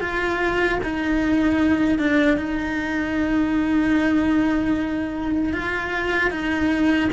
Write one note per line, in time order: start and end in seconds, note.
0.00 0.79 F4
0.83 1.98 D#4
1.98 2.37 D4
2.37 5.53 D#4
5.53 6.31 F4
6.31 7.09 D#4